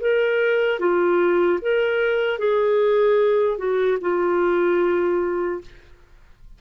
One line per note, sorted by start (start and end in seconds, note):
0.00 0.79 A#4
0.79 1.59 F4
1.61 2.39 A#4
2.39 3.57 G#4
3.57 3.97 F#4
4.01 5.61 F4